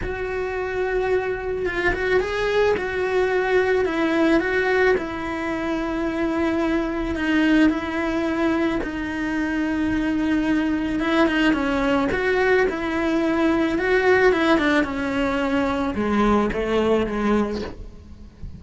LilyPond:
\new Staff \with { instrumentName = "cello" } { \time 4/4 \tempo 4 = 109 fis'2. f'8 fis'8 | gis'4 fis'2 e'4 | fis'4 e'2.~ | e'4 dis'4 e'2 |
dis'1 | e'8 dis'8 cis'4 fis'4 e'4~ | e'4 fis'4 e'8 d'8 cis'4~ | cis'4 gis4 a4 gis4 | }